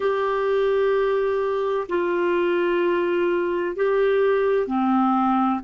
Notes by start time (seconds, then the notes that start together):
0.00 G4
1.88 F4
3.75 G4
4.67 C4